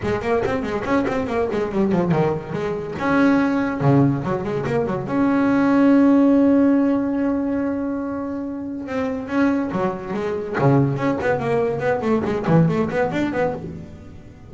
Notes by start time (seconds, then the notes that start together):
0.02 G#3
0.21 A#3
0.45 C4
0.62 G#3
0.84 C#4
1.07 C4
1.27 A#3
1.52 G#3
1.71 G3
1.92 F3
2.11 D#3
2.52 G#3
2.98 C#4
3.80 C#3
4.23 F#3
4.44 G#3
4.66 A#3
4.86 F#3
5.06 C#4
8.87 C4
9.28 C#4
9.71 F#3
10.13 G#3
10.58 C#3
10.96 C#4
11.21 B3
11.39 A#3
11.79 B3
12.01 A3
12.24 G#3
12.47 E3
12.68 A3
12.90 B3
13.11 D4
13.32 B3